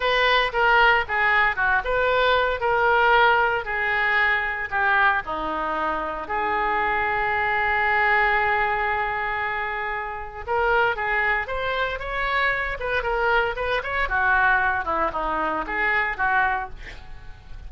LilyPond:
\new Staff \with { instrumentName = "oboe" } { \time 4/4 \tempo 4 = 115 b'4 ais'4 gis'4 fis'8 b'8~ | b'4 ais'2 gis'4~ | gis'4 g'4 dis'2 | gis'1~ |
gis'1 | ais'4 gis'4 c''4 cis''4~ | cis''8 b'8 ais'4 b'8 cis''8 fis'4~ | fis'8 e'8 dis'4 gis'4 fis'4 | }